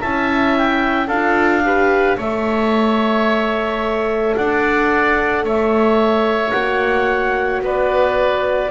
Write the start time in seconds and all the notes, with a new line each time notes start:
0.00 C#4 E4 E5 A5
0.57 G5
1.08 D4 F4 A4 F5
1.64 G4 B4
2.18 A3 A4 C#5 E5
4.36 D4 D5 F#5
5.44 A3 C#5 E5
6.52 A#3 F#4 F#5
7.62 B3 B4 D5